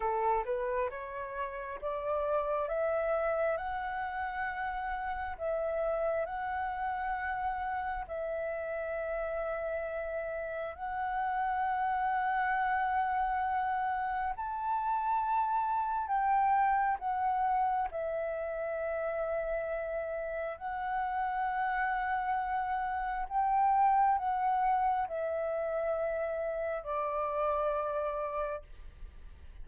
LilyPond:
\new Staff \with { instrumentName = "flute" } { \time 4/4 \tempo 4 = 67 a'8 b'8 cis''4 d''4 e''4 | fis''2 e''4 fis''4~ | fis''4 e''2. | fis''1 |
a''2 g''4 fis''4 | e''2. fis''4~ | fis''2 g''4 fis''4 | e''2 d''2 | }